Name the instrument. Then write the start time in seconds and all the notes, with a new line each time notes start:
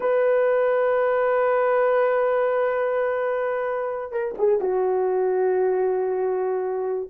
horn
0.00 B4
4.11 A#4
4.37 G#4
4.60 F#4